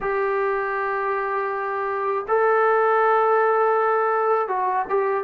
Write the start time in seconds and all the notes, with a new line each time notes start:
0.00 G4
2.27 A4
4.48 F#4
4.89 G4